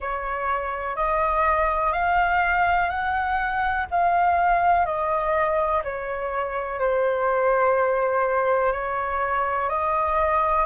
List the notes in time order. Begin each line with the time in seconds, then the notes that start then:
0.00 C#5
0.96 D#5
1.92 F5
2.89 F#5
3.90 F5
4.85 D#5
5.83 C#5
6.79 C5
8.72 C#5
9.69 D#5